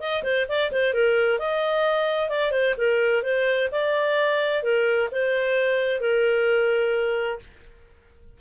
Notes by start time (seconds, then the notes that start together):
0.00 D#5
0.23 C5
0.48 D5
0.72 C5
0.94 A#4
1.39 D#5
2.30 D5
2.52 C5
2.78 A#4
3.23 C5
3.72 D5
4.63 A#4
5.12 C5
6.01 A#4